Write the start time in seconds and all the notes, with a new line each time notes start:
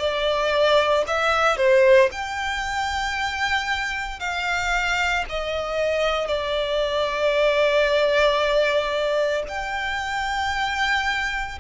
0.00 D5
1.08 E5
1.57 C5
2.12 G5
4.20 F5
5.30 D#5
6.28 D5
9.49 G5